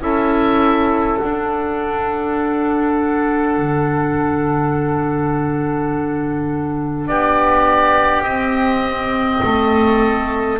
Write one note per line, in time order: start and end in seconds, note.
0.00 1.18 C#4
0.00 1.18 E4
0.00 7.09 A4
0.00 1.19 E5
1.19 8.24 D4
1.19 3.57 D4
1.19 7.07 F#5
3.57 7.08 D3
7.07 8.24 B3
7.07 9.44 G4
7.07 8.23 D5
8.23 9.41 C4
8.23 10.59 C4
8.23 10.58 D#5
9.43 10.60 A3
9.43 10.60 A4